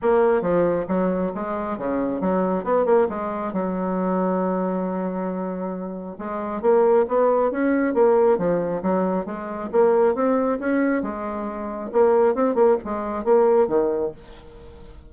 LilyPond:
\new Staff \with { instrumentName = "bassoon" } { \time 4/4 \tempo 4 = 136 ais4 f4 fis4 gis4 | cis4 fis4 b8 ais8 gis4 | fis1~ | fis2 gis4 ais4 |
b4 cis'4 ais4 f4 | fis4 gis4 ais4 c'4 | cis'4 gis2 ais4 | c'8 ais8 gis4 ais4 dis4 | }